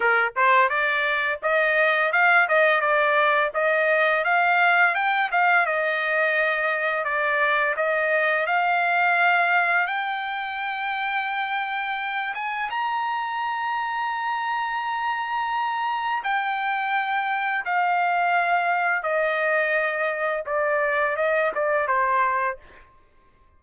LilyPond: \new Staff \with { instrumentName = "trumpet" } { \time 4/4 \tempo 4 = 85 ais'8 c''8 d''4 dis''4 f''8 dis''8 | d''4 dis''4 f''4 g''8 f''8 | dis''2 d''4 dis''4 | f''2 g''2~ |
g''4. gis''8 ais''2~ | ais''2. g''4~ | g''4 f''2 dis''4~ | dis''4 d''4 dis''8 d''8 c''4 | }